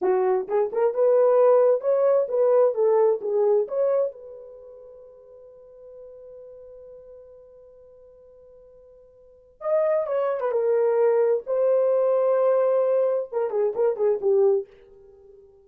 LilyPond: \new Staff \with { instrumentName = "horn" } { \time 4/4 \tempo 4 = 131 fis'4 gis'8 ais'8 b'2 | cis''4 b'4 a'4 gis'4 | cis''4 b'2.~ | b'1~ |
b'1~ | b'4 dis''4 cis''8. b'16 ais'4~ | ais'4 c''2.~ | c''4 ais'8 gis'8 ais'8 gis'8 g'4 | }